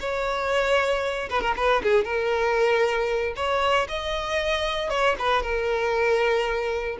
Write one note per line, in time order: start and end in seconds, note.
0.00 1.29 C#5
1.30 1.41 B4
1.41 1.54 A#4
1.57 1.82 B4
1.83 2.05 G#4
2.05 3.34 A#4
3.36 3.88 C#5
3.88 4.90 D#5
4.90 5.16 C#5
5.19 5.42 B4
5.42 6.98 A#4